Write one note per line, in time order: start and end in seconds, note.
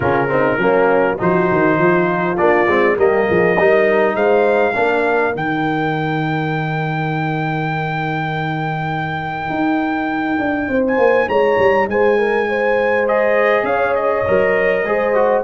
0.00 0.58 C#3
0.00 0.28 C#4
0.00 0.29 F4
0.00 1.18 A#4
0.28 0.58 C4
0.28 0.58 D#4
0.58 1.17 F#3
0.58 1.18 A#3
0.58 1.17 C#4
1.18 1.51 F3
1.18 2.37 D#4
1.18 1.78 F#4
1.18 2.37 C5
1.51 1.78 D#3
1.78 2.37 F3
1.78 2.97 F4
2.37 2.67 A#3
2.37 2.67 D4
2.37 2.96 D5
2.67 2.97 G#3
2.67 2.97 C4
2.97 3.27 G3
2.97 3.56 A#3
2.97 3.26 G4
2.97 4.15 D#5
3.27 3.58 F3
3.27 3.56 G#4
3.56 4.15 G3
3.56 4.74 D#4
3.56 4.15 A#4
4.15 4.74 G#3
4.15 4.74 C5
4.15 5.34 F5
4.74 5.35 A#3
4.74 5.32 D4
4.74 10.68 A#4
5.32 9.49 D#3
5.32 13.04 D#4
5.32 10.85 G5
9.49 10.38 D#4
10.39 10.68 D4
10.68 10.98 C4
10.68 11.28 C5
10.87 11.28 G#5
10.98 11.27 A#3
11.28 11.58 G#3
11.28 11.87 C#5
11.28 11.88 A#5
11.58 11.87 G3
11.87 13.63 G#3
11.87 12.18 C5
11.87 13.08 G#5
12.18 12.48 A#4
12.49 13.66 C5
13.07 14.25 G#4
13.07 13.65 D#5
13.63 14.22 C#4
13.63 14.85 C#5
13.63 13.95 F5
13.95 15.43 D#5
14.27 14.84 F#3
14.27 14.85 A#4
14.84 15.43 G#3
14.84 15.14 G#4
14.84 15.44 C5
15.14 15.44 F#4